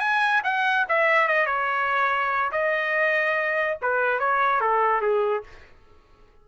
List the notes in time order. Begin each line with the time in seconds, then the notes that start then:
0.00 G#5
0.44 F#5
0.89 E5
1.28 D#5
1.46 C#5
2.52 D#5
3.82 B4
4.19 C#5
4.61 A4
5.02 G#4